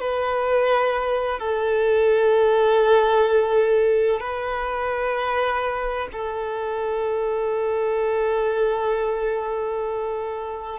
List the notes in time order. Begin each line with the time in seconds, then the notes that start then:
0.00 B4
1.39 A4
4.20 B4
6.12 A4